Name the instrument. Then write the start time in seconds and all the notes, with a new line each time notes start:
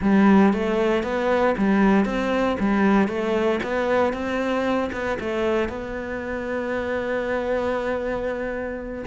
cello
0.01 G3
0.53 A3
1.03 B3
1.57 G3
2.05 C4
2.59 G3
3.08 A3
3.63 B3
4.13 C4
4.92 B3
5.20 A3
5.68 B3